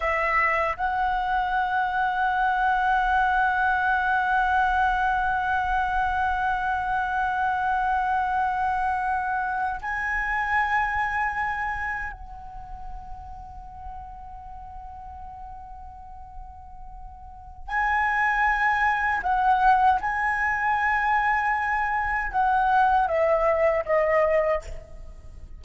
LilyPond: \new Staff \with { instrumentName = "flute" } { \time 4/4 \tempo 4 = 78 e''4 fis''2.~ | fis''1~ | fis''1~ | fis''8. gis''2. fis''16~ |
fis''1~ | fis''2. gis''4~ | gis''4 fis''4 gis''2~ | gis''4 fis''4 e''4 dis''4 | }